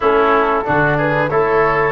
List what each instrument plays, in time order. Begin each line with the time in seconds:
0.00 tuba A3, trombone C#4, oboe E4, flute A4
0.64 tuba D3, trombone D4, oboe F#4
0.97 oboe G#4, flute B4
1.29 tuba A3, trombone E4, oboe A4, flute C#5